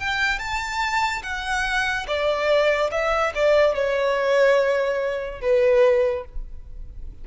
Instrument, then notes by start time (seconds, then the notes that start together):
violin
0.00 G5
0.39 A5
1.23 F#5
2.07 D5
2.91 E5
3.35 D5
3.75 C#5
5.42 B4